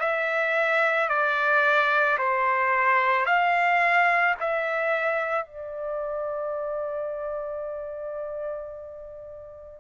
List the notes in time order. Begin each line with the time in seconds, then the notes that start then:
0.00 E5
1.09 D5
2.18 C5
3.26 F5
4.40 E5
5.45 D5